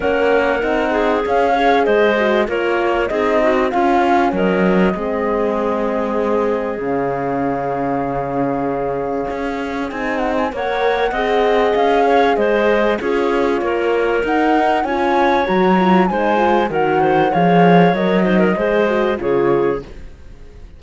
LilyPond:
<<
  \new Staff \with { instrumentName = "flute" } { \time 4/4 \tempo 4 = 97 fis''2 f''4 dis''4 | cis''4 dis''4 f''4 dis''4~ | dis''2. f''4~ | f''1 |
gis''8 fis''16 gis''16 fis''2 f''4 | dis''4 cis''2 fis''4 | gis''4 ais''4 gis''4 fis''4 | f''4 dis''2 cis''4 | }
  \new Staff \with { instrumentName = "clarinet" } { \time 4/4 ais'4. gis'4 cis''8 c''4 | ais'4 gis'8 fis'8 f'4 ais'4 | gis'1~ | gis'1~ |
gis'4 cis''4 dis''4. cis''8 | c''4 gis'4 ais'2 | cis''2 c''4 ais'8 c''8 | cis''4. c''16 ais'16 c''4 gis'4 | }
  \new Staff \with { instrumentName = "horn" } { \time 4/4 cis'4 dis'4 cis'8 gis'4 fis'8 | f'4 dis'4 cis'2 | c'2. cis'4~ | cis'1 |
dis'4 ais'4 gis'2~ | gis'4 f'2 dis'4 | f'4 fis'8 f'8 dis'8 f'8 fis'4 | gis'4 ais'8 dis'8 gis'8 fis'8 f'4 | }
  \new Staff \with { instrumentName = "cello" } { \time 4/4 ais4 c'4 cis'4 gis4 | ais4 c'4 cis'4 fis4 | gis2. cis4~ | cis2. cis'4 |
c'4 ais4 c'4 cis'4 | gis4 cis'4 ais4 dis'4 | cis'4 fis4 gis4 dis4 | f4 fis4 gis4 cis4 | }
>>